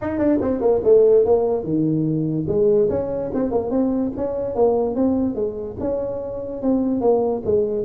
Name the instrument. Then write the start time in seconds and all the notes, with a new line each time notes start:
tuba
0.01 D#4
0.18 D4
0.41 C4
0.60 A#3
0.84 A3
1.25 A#3
1.63 D#3
2.48 G#3
2.89 C#4
3.34 C4
3.51 A#3
3.70 C4
4.16 C#4
4.55 A#3
4.95 C4
5.35 G#3
5.79 C#4
6.62 C4
7.00 A#3
7.45 G#3